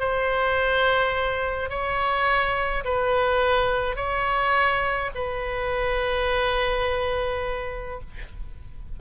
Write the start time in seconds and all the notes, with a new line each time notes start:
0.00 C5
1.70 C#5
2.85 B4
3.97 C#5
5.15 B4